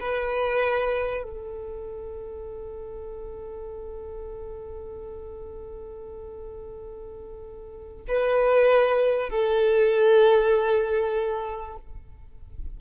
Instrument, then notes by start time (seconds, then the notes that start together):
violin
0.00 B4
1.23 A4
8.08 B4
9.30 A4